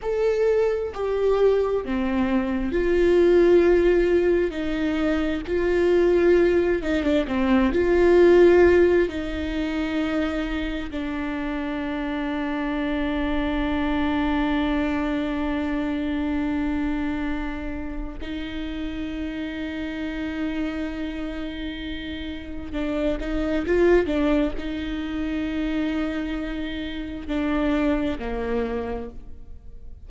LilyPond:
\new Staff \with { instrumentName = "viola" } { \time 4/4 \tempo 4 = 66 a'4 g'4 c'4 f'4~ | f'4 dis'4 f'4. dis'16 d'16 | c'8 f'4. dis'2 | d'1~ |
d'1 | dis'1~ | dis'4 d'8 dis'8 f'8 d'8 dis'4~ | dis'2 d'4 ais4 | }